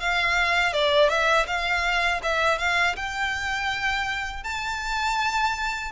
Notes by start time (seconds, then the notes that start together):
0.00 F5
0.73 D5
1.09 E5
1.46 F5
2.23 E5
2.58 F5
2.96 G5
4.43 A5